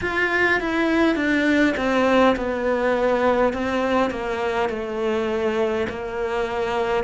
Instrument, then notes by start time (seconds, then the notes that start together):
cello
0.01 F4
0.60 E4
1.15 D4
1.76 C4
2.36 B3
3.53 C4
4.10 A#3
4.68 A3
5.89 A#3